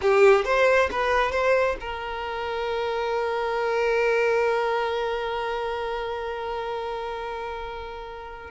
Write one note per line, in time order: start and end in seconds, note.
0.01 0.45 G4
0.45 0.89 C5
0.91 1.31 B4
1.31 1.76 C5
1.80 8.50 A#4